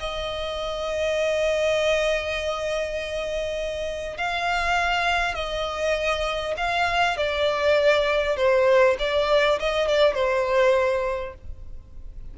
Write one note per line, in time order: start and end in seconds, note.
0.00 4.18 D#5
4.18 5.35 F5
5.35 6.55 D#5
6.58 7.18 F5
7.18 8.37 D5
8.37 8.97 C5
8.99 9.59 D5
9.60 9.88 D#5
9.88 10.15 D5
10.15 11.35 C5